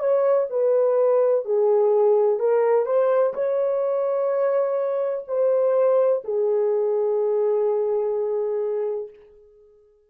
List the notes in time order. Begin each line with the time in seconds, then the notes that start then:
0.00 C#5
0.50 B4
1.45 G#4
2.40 A#4
2.86 C5
3.34 C#5
5.28 C5
6.24 G#4